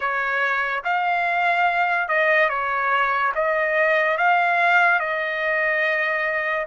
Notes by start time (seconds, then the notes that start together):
0.00 C#5
0.83 F5
2.08 D#5
2.48 C#5
3.34 D#5
4.17 F5
4.99 D#5